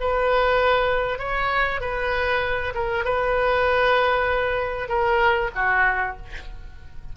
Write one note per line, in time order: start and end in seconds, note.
0.00 1.18 B4
1.18 1.80 C#5
1.81 2.73 B4
2.74 3.04 A#4
3.04 4.88 B4
4.88 5.50 A#4
5.55 6.17 F#4